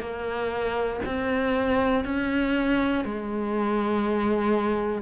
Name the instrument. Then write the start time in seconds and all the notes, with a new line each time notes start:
cello
0.00 A#3
1.05 C4
2.05 C#4
3.05 G#3